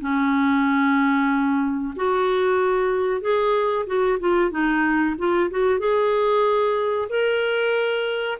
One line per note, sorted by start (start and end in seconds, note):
0.00 1.94 C#4
1.96 3.21 F#4
3.21 3.85 G#4
3.86 4.18 F#4
4.19 4.50 F4
4.50 5.15 D#4
5.17 5.50 F4
5.50 5.79 F#4
5.79 7.08 G#4
7.09 8.38 A#4